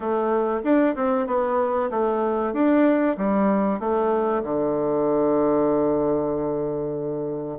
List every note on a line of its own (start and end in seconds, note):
0.00 0.61 A3
0.63 0.95 D4
0.95 1.26 C4
1.26 1.89 B3
1.90 2.53 A3
2.53 3.16 D4
3.17 3.79 G3
3.79 4.42 A3
4.43 7.58 D3